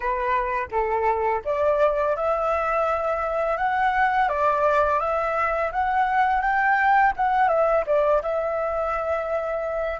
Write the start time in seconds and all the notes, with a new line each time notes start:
0.00 B4
0.71 A4
1.44 D5
2.16 E5
3.57 F#5
4.29 D5
4.99 E5
5.71 F#5
6.41 G5
7.16 F#5
7.48 E5
7.86 D5
8.22 E5